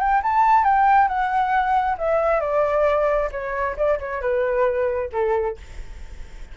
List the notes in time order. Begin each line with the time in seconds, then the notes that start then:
0.00 G5
0.23 A5
0.64 G5
1.08 F#5
1.99 E5
2.41 D5
3.32 C#5
3.77 D5
4.00 C#5
4.22 B4
5.13 A4